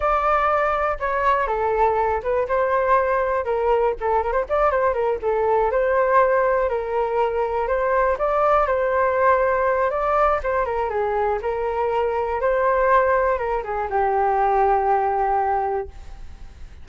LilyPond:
\new Staff \with { instrumentName = "flute" } { \time 4/4 \tempo 4 = 121 d''2 cis''4 a'4~ | a'8 b'8 c''2 ais'4 | a'8 ais'16 c''16 d''8 c''8 ais'8 a'4 c''8~ | c''4. ais'2 c''8~ |
c''8 d''4 c''2~ c''8 | d''4 c''8 ais'8 gis'4 ais'4~ | ais'4 c''2 ais'8 gis'8 | g'1 | }